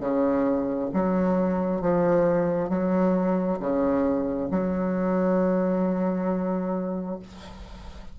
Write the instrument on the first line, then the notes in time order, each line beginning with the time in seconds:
bassoon
0.00 C#3
0.94 F#3
1.81 F3
2.69 F#3
3.60 C#3
4.51 F#3